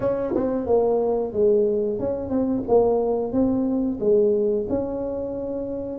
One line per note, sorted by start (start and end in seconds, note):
0.00 0.33 C#4
0.35 0.66 C4
0.66 1.32 A#3
1.32 1.99 G#3
1.99 2.29 C#4
2.29 2.63 C4
2.68 3.32 A#3
3.32 3.98 C4
4.00 4.66 G#3
4.69 5.98 C#4